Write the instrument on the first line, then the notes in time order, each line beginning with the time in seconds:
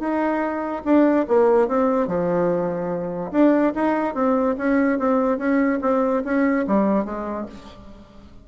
bassoon
0.00 D#4
0.85 D4
1.28 A#3
1.68 C4
2.08 F3
3.32 D4
3.75 D#4
4.15 C4
4.58 C#4
4.99 C4
5.38 C#4
5.82 C4
6.25 C#4
6.68 G3
7.05 G#3